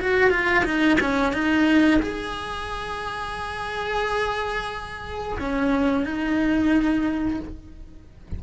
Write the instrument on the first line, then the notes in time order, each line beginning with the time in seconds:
cello
0.00 F#4
0.30 F4
0.64 D#4
1.00 C#4
1.33 D#4
2.01 G#4
5.39 C#4
6.05 D#4